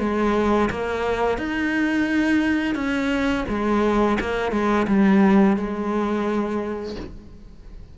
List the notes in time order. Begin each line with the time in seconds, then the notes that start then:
0.00 G#3
0.71 A#3
1.38 D#4
2.76 C#4
3.49 G#3
4.21 A#3
4.52 G#3
4.88 G3
5.57 G#3